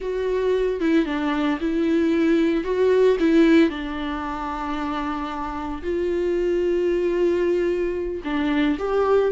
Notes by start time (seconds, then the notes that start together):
0.00 F#4
0.80 E4
1.05 D4
1.60 E4
2.64 F#4
3.19 E4
3.69 D4
5.82 F4
8.24 D4
8.78 G4